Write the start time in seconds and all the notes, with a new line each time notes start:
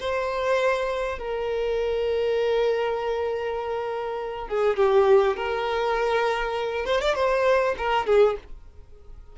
0.00 C5
1.19 A#4
4.48 G#4
4.77 G4
5.37 A#4
6.86 C5
7.01 D5
7.15 C5
7.78 A#4
8.06 G#4